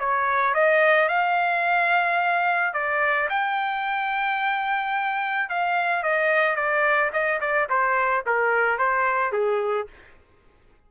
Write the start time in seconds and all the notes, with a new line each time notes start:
0.00 C#5
0.55 D#5
1.09 F5
2.74 D5
3.30 G5
5.50 F5
6.04 D#5
6.56 D5
7.13 D#5
7.41 D5
7.70 C5
8.26 A#4
8.79 C5
9.33 G#4